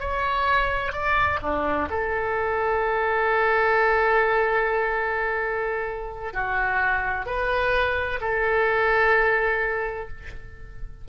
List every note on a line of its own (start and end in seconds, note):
0.00 0.93 C#5
0.93 1.40 D5
1.42 1.89 D4
1.90 6.34 A4
6.34 7.26 F#4
7.26 8.20 B4
8.21 10.09 A4